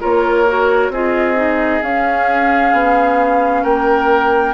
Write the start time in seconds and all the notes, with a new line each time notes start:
0.00 A#3 F4 A#4 C#5
0.47 F#4
0.89 C4 F4 G#4 D#5
1.35 D#4
1.82 C#4 F5
2.73 B3
3.63 A#3 A#4 G5